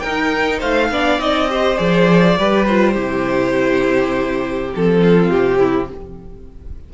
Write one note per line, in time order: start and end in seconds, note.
0.00 0.62 D#4
0.00 0.92 D#4
0.00 0.59 A#4
0.00 0.59 G5
0.59 0.91 A3
0.59 0.88 C5
0.59 1.19 F5
0.91 1.19 B3
0.91 1.18 D4
0.91 1.49 D5
1.18 1.77 C4
1.18 1.48 D#4
1.18 1.77 D#5
1.49 1.76 G4
1.49 2.38 C5
1.76 2.38 F3
1.76 2.35 G#4
1.76 2.65 D5
2.38 2.96 G3
2.38 2.68 G4
2.38 2.93 B4
2.66 2.95 F4
2.66 4.72 C5
2.93 4.73 C3
2.93 4.72 E4
2.93 4.99 G4
4.75 5.31 F3
4.75 5.93 C4
4.75 5.30 A4
5.01 5.58 F4
5.30 5.90 C3
5.30 5.89 G4
5.58 5.88 E4